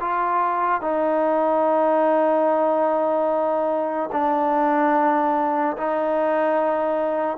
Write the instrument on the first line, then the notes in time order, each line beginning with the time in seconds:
trombone
0.00 F4
0.81 D#4
4.12 D4
5.77 D#4